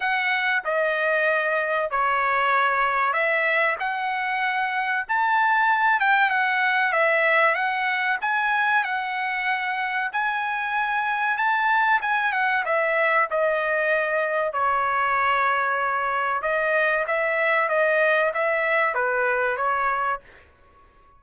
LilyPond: \new Staff \with { instrumentName = "trumpet" } { \time 4/4 \tempo 4 = 95 fis''4 dis''2 cis''4~ | cis''4 e''4 fis''2 | a''4. g''8 fis''4 e''4 | fis''4 gis''4 fis''2 |
gis''2 a''4 gis''8 fis''8 | e''4 dis''2 cis''4~ | cis''2 dis''4 e''4 | dis''4 e''4 b'4 cis''4 | }